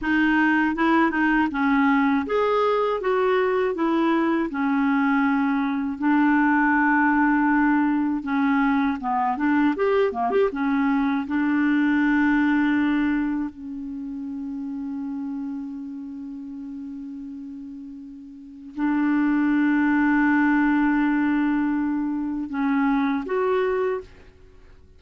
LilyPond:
\new Staff \with { instrumentName = "clarinet" } { \time 4/4 \tempo 4 = 80 dis'4 e'8 dis'8 cis'4 gis'4 | fis'4 e'4 cis'2 | d'2. cis'4 | b8 d'8 g'8 ais16 g'16 cis'4 d'4~ |
d'2 cis'2~ | cis'1~ | cis'4 d'2.~ | d'2 cis'4 fis'4 | }